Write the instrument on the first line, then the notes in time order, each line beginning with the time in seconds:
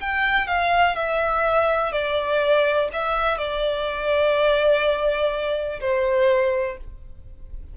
violin
0.00 G5
0.47 F5
0.95 E5
1.92 D5
2.93 E5
3.38 D5
5.80 C5